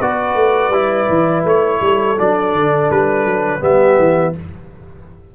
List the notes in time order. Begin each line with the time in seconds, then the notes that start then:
0.00 B3 F#4 B4 D5
0.35 A3
0.70 G3 E4
1.09 E3
1.44 A3 C#5
1.81 G3 A4
2.18 F#3 D4 D5
2.54 D3
2.91 G3 B4
3.25 F#3
3.61 G3 B3 G4 E5
3.98 E3